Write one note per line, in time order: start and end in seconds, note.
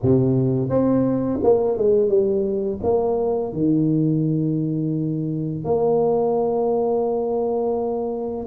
0.02 0.69 C3
0.69 1.39 C4
1.43 1.77 A#3
1.77 2.09 G#3
2.09 2.79 G3
2.83 3.52 A#3
3.52 5.64 D#3
5.64 8.46 A#3